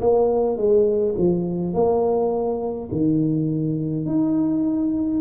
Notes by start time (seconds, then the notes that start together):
0.00 A#3
0.57 G#3
1.18 F3
1.74 A#3
2.92 D#3
4.05 D#4